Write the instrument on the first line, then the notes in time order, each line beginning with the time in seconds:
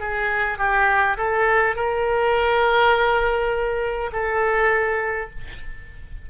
oboe
0.00 G#4
0.58 G4
1.18 A4
1.76 A#4
4.13 A4